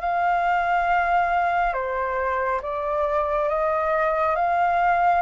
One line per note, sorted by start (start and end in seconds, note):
0.00 1.73 F5
1.73 2.60 C5
2.62 3.49 D5
3.49 4.36 D#5
4.36 5.21 F5